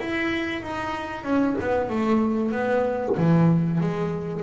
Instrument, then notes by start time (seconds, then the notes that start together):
double bass
0.00 E4
0.62 D#4
1.24 C#4
1.61 B3
1.89 A3
2.52 B3
3.17 E3
3.81 G#3